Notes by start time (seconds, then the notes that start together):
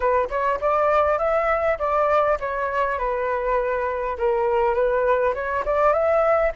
0.00 B4
0.29 C#5
0.60 D5
1.18 E5
1.78 D5
2.40 C#5
2.98 B4
4.17 A#4
4.74 B4
5.34 C#5
5.65 D5
5.92 E5